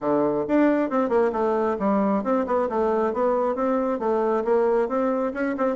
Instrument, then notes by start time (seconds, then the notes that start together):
bassoon
0.00 D3
0.47 D4
0.90 C4
1.09 A#3
1.32 A3
1.79 G3
2.23 C4
2.46 B3
2.69 A3
3.13 B3
3.55 C4
3.99 A3
4.44 A#3
4.88 C4
5.33 C#4
5.57 C4